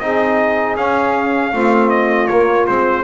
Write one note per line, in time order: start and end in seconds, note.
0.00 0.76 C4
0.00 0.78 D#4
0.00 1.52 G#4
0.00 0.76 D#5
0.76 1.52 C#4
0.76 1.54 C#4
0.76 1.90 F5
1.52 2.29 A3
1.52 2.30 C4
1.52 3.04 F4
1.90 2.27 D#5
2.27 2.68 A#3
2.27 2.67 A#3
2.27 2.65 C#5
2.67 3.04 G#3
2.67 3.04 C4
2.67 3.04 C5